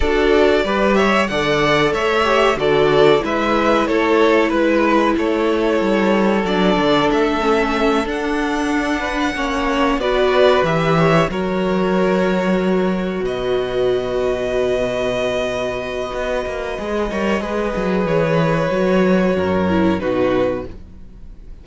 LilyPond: <<
  \new Staff \with { instrumentName = "violin" } { \time 4/4 \tempo 4 = 93 d''4. e''8 fis''4 e''4 | d''4 e''4 cis''4 b'4 | cis''2 d''4 e''4~ | e''8 fis''2. d''8~ |
d''8 e''4 cis''2~ cis''8~ | cis''8 dis''2.~ dis''8~ | dis''1 | cis''2. b'4 | }
  \new Staff \with { instrumentName = "violin" } { \time 4/4 a'4 b'8 cis''8 d''4 cis''4 | a'4 b'4 a'4 b'4 | a'1~ | a'2 b'8 cis''4 b'8~ |
b'4 cis''8 ais'2~ ais'8~ | ais'8 b'2.~ b'8~ | b'2~ b'8 cis''8 b'4~ | b'2 ais'4 fis'4 | }
  \new Staff \with { instrumentName = "viola" } { \time 4/4 fis'4 g'4 a'4. g'8 | fis'4 e'2.~ | e'2 d'4. cis'8~ | cis'8 d'2 cis'4 fis'8~ |
fis'8 g'4 fis'2~ fis'8~ | fis'1~ | fis'2 gis'8 ais'8 gis'4~ | gis'4 fis'4. e'8 dis'4 | }
  \new Staff \with { instrumentName = "cello" } { \time 4/4 d'4 g4 d4 a4 | d4 gis4 a4 gis4 | a4 g4 fis8 d8 a4~ | a8 d'2 ais4 b8~ |
b8 e4 fis2~ fis8~ | fis8 b,2.~ b,8~ | b,4 b8 ais8 gis8 g8 gis8 fis8 | e4 fis4 fis,4 b,4 | }
>>